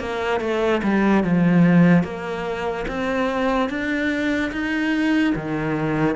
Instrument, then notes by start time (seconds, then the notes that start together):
cello
0.00 A#3
0.40 A3
0.83 G3
1.24 F3
2.03 A#3
2.88 C4
3.69 D4
4.52 D#4
5.35 D#3